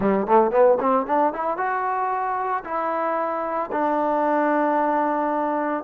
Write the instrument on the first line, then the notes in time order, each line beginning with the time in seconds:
trombone
0.00 G3
0.26 A3
0.51 B3
0.80 C4
1.06 D4
1.33 E4
1.57 F#4
2.64 E4
3.72 D4